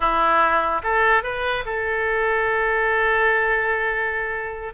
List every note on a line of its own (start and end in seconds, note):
0.00 0.81 E4
0.83 1.23 A4
1.23 1.64 B4
1.65 4.73 A4